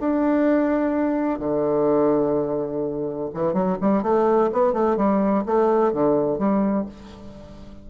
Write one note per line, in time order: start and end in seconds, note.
0.00 1.40 D4
1.40 3.30 D3
3.34 3.54 E3
3.54 3.78 F#3
3.82 4.03 G3
4.03 4.51 A3
4.53 4.73 B3
4.73 4.97 A3
4.97 5.45 G3
5.46 5.93 A3
5.93 6.39 D3
6.39 6.86 G3